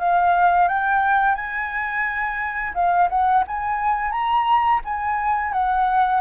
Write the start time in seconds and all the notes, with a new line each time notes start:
0.00 F5
0.69 G5
1.35 G#5
2.75 F5
3.10 F#5
3.48 G#5
4.12 A#5
4.85 G#5
5.53 F#5